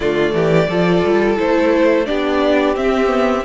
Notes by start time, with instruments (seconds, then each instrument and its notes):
0.00 cello D3, viola A3, violin F4 D5
0.33 cello E3, violin G4
0.68 cello F3, viola F4, violin A4
1.04 cello G3
1.36 cello A3, viola E4, violin C5
2.06 cello B3, viola D4, violin G4 D5
2.75 viola C4, cello C4, violin E5
3.06 viola B3